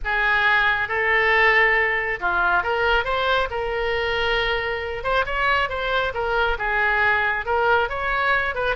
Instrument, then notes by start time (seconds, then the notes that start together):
oboe
0.04 G#4
0.88 A4
2.20 F4
2.63 A#4
3.04 C5
3.50 A#4
5.03 C5
5.25 C#5
5.69 C5
6.14 A#4
6.58 G#4
7.45 A#4
7.89 C#5
8.54 B4